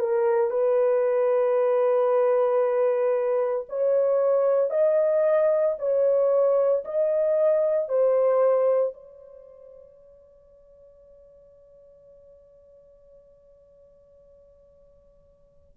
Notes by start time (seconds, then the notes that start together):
0.00 A#4
0.50 B4
3.69 C#5
4.71 D#5
5.79 C#5
6.85 D#5
7.89 C5
8.94 C#5